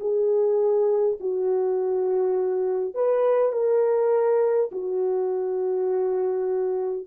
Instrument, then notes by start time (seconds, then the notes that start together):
horn
0.00 G#4
1.20 F#4
2.95 B4
3.53 A#4
4.72 F#4